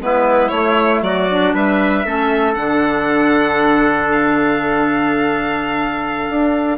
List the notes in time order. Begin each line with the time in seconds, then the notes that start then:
0.00 G#3 B3 E4 B4
0.49 A3 C#5
1.01 F#3 F#4 D5
1.30 D4
1.54 G3 B4 E5
2.05 A3 C#4 A4
2.54 D3 D4 F#5
4.12 F5
6.29 D4